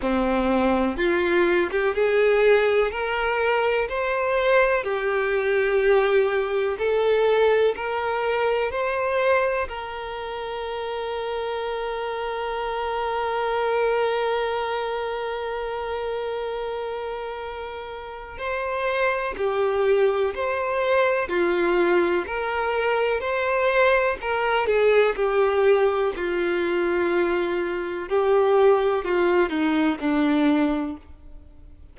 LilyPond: \new Staff \with { instrumentName = "violin" } { \time 4/4 \tempo 4 = 62 c'4 f'8. g'16 gis'4 ais'4 | c''4 g'2 a'4 | ais'4 c''4 ais'2~ | ais'1~ |
ais'2. c''4 | g'4 c''4 f'4 ais'4 | c''4 ais'8 gis'8 g'4 f'4~ | f'4 g'4 f'8 dis'8 d'4 | }